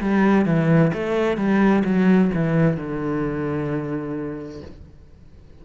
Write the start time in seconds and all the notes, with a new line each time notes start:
0.00 G3
0.45 E3
0.93 A3
1.37 G3
1.84 F#3
2.34 E3
2.77 D3